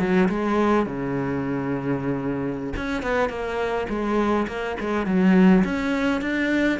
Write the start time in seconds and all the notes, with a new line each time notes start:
0.00 F#3
0.29 G#3
0.87 C#3
2.77 C#4
3.03 B3
3.30 A#3
3.90 G#3
4.48 A#3
4.81 G#3
5.06 F#3
5.65 C#4
6.22 D4